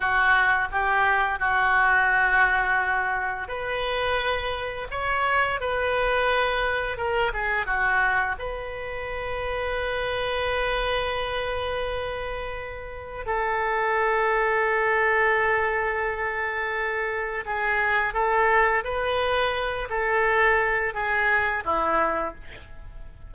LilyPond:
\new Staff \with { instrumentName = "oboe" } { \time 4/4 \tempo 4 = 86 fis'4 g'4 fis'2~ | fis'4 b'2 cis''4 | b'2 ais'8 gis'8 fis'4 | b'1~ |
b'2. a'4~ | a'1~ | a'4 gis'4 a'4 b'4~ | b'8 a'4. gis'4 e'4 | }